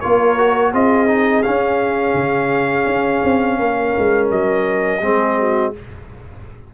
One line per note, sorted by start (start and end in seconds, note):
0.00 0.73 A#3
0.00 0.37 F4
0.00 0.72 A#4
0.00 0.71 C#5
0.37 0.73 F#4
0.72 1.44 C4
0.72 1.07 F4
0.72 3.58 G#4
0.72 1.42 D#5
1.07 1.43 D#4
1.42 5.01 C#4
1.42 2.14 C#4
1.42 4.28 F5
2.14 2.85 C#3
2.86 3.22 C#4
3.24 3.59 C4
3.59 3.94 A#3
3.59 5.03 A#4
3.98 4.30 G#3
4.30 5.01 F#3
4.30 5.74 D#5
5.01 5.72 G#3
5.01 5.73 C4
5.01 5.38 G#4
5.38 5.74 F#4